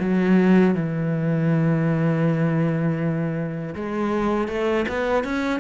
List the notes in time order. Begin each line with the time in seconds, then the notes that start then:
0.00 F#3
0.75 E3
3.75 G#3
4.48 A3
4.89 B3
5.24 C#4